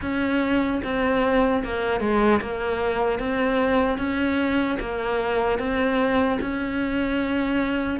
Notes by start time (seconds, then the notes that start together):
0.01 C#4
0.83 C4
1.64 A#3
2.00 G#3
2.41 A#3
3.19 C4
3.97 C#4
4.79 A#3
5.59 C4
6.40 C#4